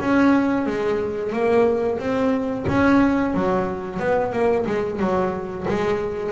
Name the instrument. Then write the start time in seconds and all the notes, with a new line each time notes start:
double bass
0.00 C#4
0.67 G#3
1.33 A#3
1.99 C4
2.68 C#4
3.35 F#3
4.00 B3
4.32 A#3
4.67 G#3
5.00 F#3
5.68 G#3